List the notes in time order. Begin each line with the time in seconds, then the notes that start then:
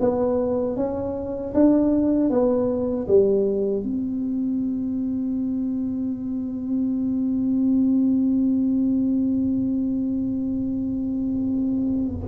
0.00 B3
0.77 C#4
1.54 D4
2.30 B3
3.08 G3
3.83 C4